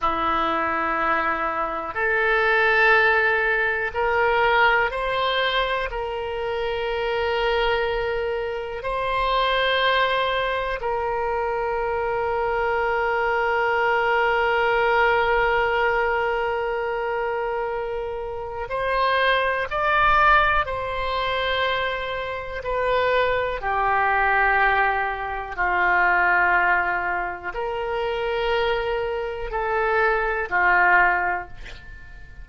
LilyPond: \new Staff \with { instrumentName = "oboe" } { \time 4/4 \tempo 4 = 61 e'2 a'2 | ais'4 c''4 ais'2~ | ais'4 c''2 ais'4~ | ais'1~ |
ais'2. c''4 | d''4 c''2 b'4 | g'2 f'2 | ais'2 a'4 f'4 | }